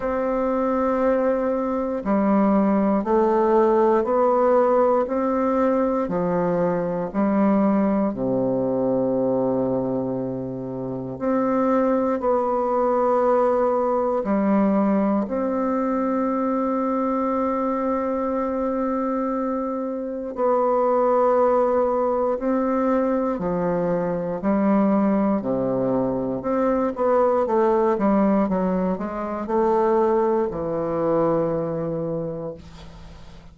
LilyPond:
\new Staff \with { instrumentName = "bassoon" } { \time 4/4 \tempo 4 = 59 c'2 g4 a4 | b4 c'4 f4 g4 | c2. c'4 | b2 g4 c'4~ |
c'1 | b2 c'4 f4 | g4 c4 c'8 b8 a8 g8 | fis8 gis8 a4 e2 | }